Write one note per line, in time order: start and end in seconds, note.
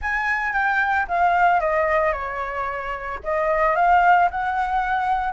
0.01 0.53 G#5
0.53 1.06 G5
1.08 1.60 F5
1.60 2.12 D#5
2.12 3.19 C#5
3.23 3.75 D#5
3.75 4.29 F5
4.31 5.32 F#5